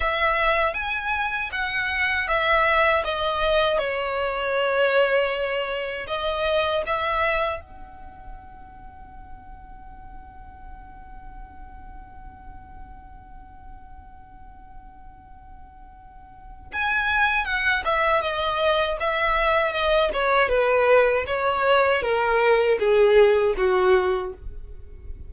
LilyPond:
\new Staff \with { instrumentName = "violin" } { \time 4/4 \tempo 4 = 79 e''4 gis''4 fis''4 e''4 | dis''4 cis''2. | dis''4 e''4 fis''2~ | fis''1~ |
fis''1~ | fis''2 gis''4 fis''8 e''8 | dis''4 e''4 dis''8 cis''8 b'4 | cis''4 ais'4 gis'4 fis'4 | }